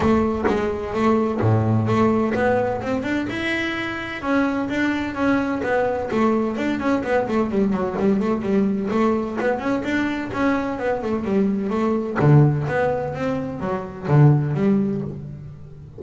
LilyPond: \new Staff \with { instrumentName = "double bass" } { \time 4/4 \tempo 4 = 128 a4 gis4 a4 a,4 | a4 b4 c'8 d'8 e'4~ | e'4 cis'4 d'4 cis'4 | b4 a4 d'8 cis'8 b8 a8 |
g8 fis8 g8 a8 g4 a4 | b8 cis'8 d'4 cis'4 b8 a8 | g4 a4 d4 b4 | c'4 fis4 d4 g4 | }